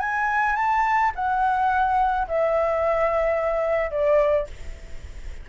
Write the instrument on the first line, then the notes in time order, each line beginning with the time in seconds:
flute
0.00 G#5
0.56 A5
1.15 F#5
2.28 E5
3.91 D5